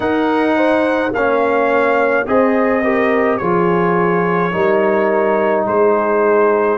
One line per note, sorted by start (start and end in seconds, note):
0.00 1.12 D#4
0.00 0.56 A#4
0.00 1.12 F#5
0.56 1.12 C5
1.12 2.25 A#3
1.12 2.25 C#4
1.12 2.27 C#5
1.12 2.27 F5
2.25 3.40 C4
2.25 2.82 G#4
2.25 2.83 C5
2.25 3.37 D#5
2.83 3.40 G4
2.83 3.39 A#4
3.37 4.53 F3
3.37 4.52 F4
3.37 4.51 G#4
3.37 5.64 C#5
4.51 5.66 G3
4.51 6.78 D#4
4.51 5.65 A#4
5.67 6.78 G#3
5.67 6.78 G#4
5.67 6.78 C5